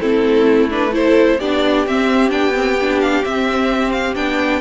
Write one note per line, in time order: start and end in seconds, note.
0.00 1.41 A3
0.00 0.69 C4
0.00 0.93 E4
0.00 0.70 A4
0.70 0.92 D4
0.70 0.94 B4
0.92 1.38 E4
0.92 1.39 A4
0.92 1.41 C5
1.39 1.86 B3
1.39 1.87 D4
1.39 4.61 G4
1.39 1.87 D5
1.86 2.31 C4
1.86 2.29 C4
1.86 2.31 E5
2.29 3.23 B3
2.29 2.52 D4
2.29 3.00 G5
2.54 2.77 C4
2.81 3.24 D4
3.01 3.24 F5
3.24 4.15 C4
3.24 4.16 C4
3.24 3.92 E5
3.92 4.15 F5
4.15 4.61 B3
4.15 4.61 D4
4.15 4.61 G5